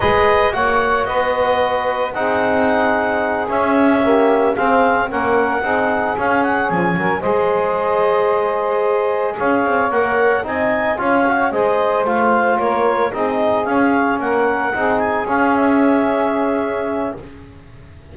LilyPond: <<
  \new Staff \with { instrumentName = "clarinet" } { \time 4/4 \tempo 4 = 112 dis''4 fis''4 dis''2 | fis''2~ fis''8 e''4.~ | e''8 f''4 fis''2 f''8 | fis''8 gis''4 dis''2~ dis''8~ |
dis''4. f''4 fis''4 gis''8~ | gis''8 f''4 dis''4 f''4 cis''8~ | cis''8 dis''4 f''4 fis''4. | gis''8 f''8 e''2. | }
  \new Staff \with { instrumentName = "saxophone" } { \time 4/4 b'4 cis''4 b'2 | gis'2.~ gis'8 g'8~ | g'8 gis'4 ais'4 gis'4.~ | gis'4 ais'8 c''2~ c''8~ |
c''4. cis''2 dis''8~ | dis''8 cis''4 c''2 ais'8~ | ais'8 gis'2 ais'4 gis'8~ | gis'1 | }
  \new Staff \with { instrumentName = "trombone" } { \time 4/4 gis'4 fis'2. | dis'2~ dis'8 cis'4 ais8~ | ais8 c'4 cis'4 dis'4 cis'8~ | cis'4. gis'2~ gis'8~ |
gis'2~ gis'8 ais'4 dis'8~ | dis'8 f'8 fis'8 gis'4 f'4.~ | f'8 dis'4 cis'2 dis'8~ | dis'8 cis'2.~ cis'8 | }
  \new Staff \with { instrumentName = "double bass" } { \time 4/4 gis4 ais4 b2 | c'2~ c'8 cis'4.~ | cis'8 c'4 ais4 c'4 cis'8~ | cis'8 f8 fis8 gis2~ gis8~ |
gis4. cis'8 c'8 ais4 c'8~ | c'8 cis'4 gis4 a4 ais8~ | ais8 c'4 cis'4 ais4 c'8~ | c'8 cis'2.~ cis'8 | }
>>